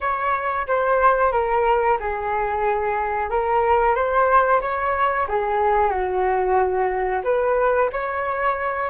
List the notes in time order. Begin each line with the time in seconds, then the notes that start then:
0.01 C#5
0.67 C5
1.32 A#4
1.99 G#4
3.30 A#4
3.95 C5
4.61 C#5
5.28 G#4
5.90 F#4
7.24 B4
7.92 C#5